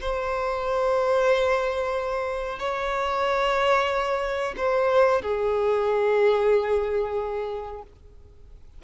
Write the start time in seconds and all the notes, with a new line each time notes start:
0.00 C5
2.58 C#5
4.57 C5
5.21 G#4